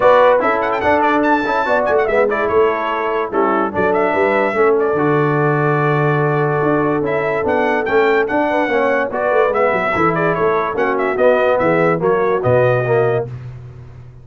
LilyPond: <<
  \new Staff \with { instrumentName = "trumpet" } { \time 4/4 \tempo 4 = 145 d''4 e''8 fis''16 g''16 fis''8 d''8 a''4~ | a''8 gis''16 fis''16 e''8 d''8 cis''2 | a'4 d''8 e''2 d''8~ | d''1~ |
d''4 e''4 fis''4 g''4 | fis''2 d''4 e''4~ | e''8 d''8 cis''4 fis''8 e''8 dis''4 | e''4 cis''4 dis''2 | }
  \new Staff \with { instrumentName = "horn" } { \time 4/4 b'4 a'2. | d''4 e''8 gis'8 a'2 | e'4 a'4 b'4 a'4~ | a'1~ |
a'1~ | a'8 b'8 cis''4 b'2 | a'8 gis'8 a'4 fis'2 | gis'4 fis'2. | }
  \new Staff \with { instrumentName = "trombone" } { \time 4/4 fis'4 e'4 d'4. e'8 | fis'4 b8 e'2~ e'8 | cis'4 d'2 cis'4 | fis'1~ |
fis'4 e'4 d'4 cis'4 | d'4 cis'4 fis'4 b4 | e'2 cis'4 b4~ | b4 ais4 b4 ais4 | }
  \new Staff \with { instrumentName = "tuba" } { \time 4/4 b4 cis'4 d'4. cis'8 | b8 a8 gis4 a2 | g4 fis4 g4 a4 | d1 |
d'4 cis'4 b4 a4 | d'4 ais4 b8 a8 gis8 fis8 | e4 a4 ais4 b4 | e4 fis4 b,2 | }
>>